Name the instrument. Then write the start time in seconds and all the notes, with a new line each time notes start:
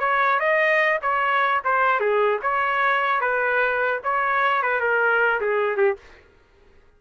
trumpet
0.00 C#5
0.40 D#5
1.03 C#5
1.65 C5
2.01 G#4
2.42 C#5
3.21 B4
4.04 C#5
4.63 B4
4.81 A#4
5.41 G#4
5.77 G4